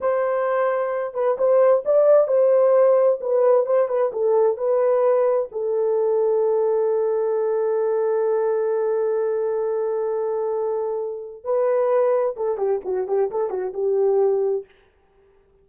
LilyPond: \new Staff \with { instrumentName = "horn" } { \time 4/4 \tempo 4 = 131 c''2~ c''8 b'8 c''4 | d''4 c''2 b'4 | c''8 b'8 a'4 b'2 | a'1~ |
a'1~ | a'1~ | a'4 b'2 a'8 g'8 | fis'8 g'8 a'8 fis'8 g'2 | }